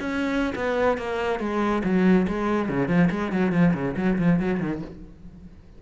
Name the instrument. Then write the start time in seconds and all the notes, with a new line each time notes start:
cello
0.00 C#4
0.55 B3
0.98 A#3
1.40 G#3
1.84 F#3
2.28 G#3
2.69 C#3
2.88 F3
3.11 G#3
3.32 F#3
3.52 F3
3.74 C#3
3.97 F#3
4.19 F3
4.40 F#3
4.60 D#3